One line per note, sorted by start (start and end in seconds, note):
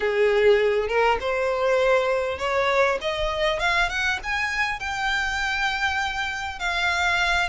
0.00 0.88 G#4
0.88 1.18 A#4
1.20 2.38 C5
2.38 2.98 C#5
3.01 3.59 D#5
3.59 3.89 F5
3.89 4.19 F#5
4.23 4.79 G#5
4.79 6.59 G5
6.59 7.49 F5